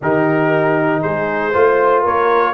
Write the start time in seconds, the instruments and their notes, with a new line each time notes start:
0.01 tuba D#3, trombone D#4, horn G4, trumpet A#4
1.01 tuba G#3, horn G#4, trumpet C5
1.51 tuba A3, trombone F4, horn C5
2.00 tuba A#3, horn A#4, trumpet C#5